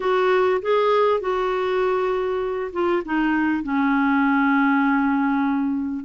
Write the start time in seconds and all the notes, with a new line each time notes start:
0.00 F#4
0.62 G#4
1.20 F#4
2.72 F4
3.05 D#4
3.63 C#4